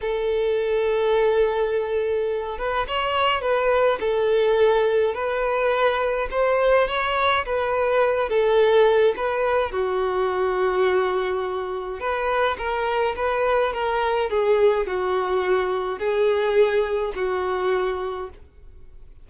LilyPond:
\new Staff \with { instrumentName = "violin" } { \time 4/4 \tempo 4 = 105 a'1~ | a'8 b'8 cis''4 b'4 a'4~ | a'4 b'2 c''4 | cis''4 b'4. a'4. |
b'4 fis'2.~ | fis'4 b'4 ais'4 b'4 | ais'4 gis'4 fis'2 | gis'2 fis'2 | }